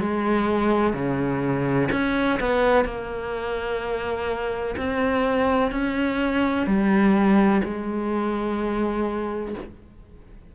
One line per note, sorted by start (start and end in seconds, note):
0.00 0.93 G#3
0.93 1.88 C#3
1.92 2.39 C#4
2.39 2.85 B3
2.85 4.75 A#3
4.77 5.71 C4
5.71 6.67 C#4
6.67 7.62 G3
7.64 9.55 G#3